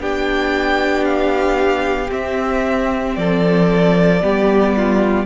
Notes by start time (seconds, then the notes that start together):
0.00 B3 D4 G4 G5
1.05 F5
2.09 C4 E5
3.16 F3 A4 D5
4.21 G3 B3 G4
4.77 F4